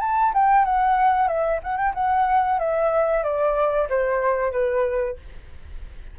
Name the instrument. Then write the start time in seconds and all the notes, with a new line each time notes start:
flute
0.00 A5
0.34 G5
0.65 F#5
1.27 E5
1.63 F#5
1.77 G5
1.94 F#5
2.59 E5
3.23 D5
3.89 C5
4.52 B4